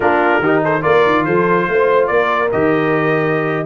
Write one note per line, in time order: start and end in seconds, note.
0.00 0.39 A#3
0.00 0.42 D4
0.00 0.41 F4
0.00 0.63 A#4
0.39 0.81 D#3
0.39 0.81 D#4
0.39 0.62 G4
0.63 0.82 A4
0.63 0.82 C5
0.81 1.06 A#3
0.81 2.49 F4
0.81 1.24 A#4
0.81 1.24 D5
1.06 1.26 D#3
1.24 1.68 F3
1.24 1.68 A4
1.24 2.07 C5
1.68 2.10 A3
1.68 2.10 C5
2.07 2.52 A#3
2.07 3.65 A#4
2.07 2.49 D5
2.51 3.65 D#3
2.51 3.65 G4
2.51 3.65 D#5